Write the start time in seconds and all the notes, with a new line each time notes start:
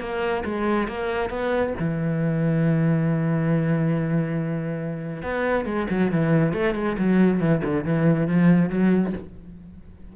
0.00 A#3
0.45 G#3
0.88 A#3
1.30 B3
1.79 E3
5.23 B3
5.66 G#3
5.90 F#3
6.11 E3
6.53 A3
6.75 G#3
6.98 F#3
7.40 E3
7.64 D3
7.84 E3
8.27 F3
8.69 F#3